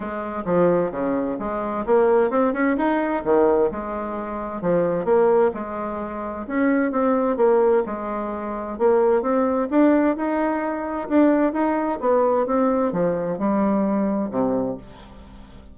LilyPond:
\new Staff \with { instrumentName = "bassoon" } { \time 4/4 \tempo 4 = 130 gis4 f4 cis4 gis4 | ais4 c'8 cis'8 dis'4 dis4 | gis2 f4 ais4 | gis2 cis'4 c'4 |
ais4 gis2 ais4 | c'4 d'4 dis'2 | d'4 dis'4 b4 c'4 | f4 g2 c4 | }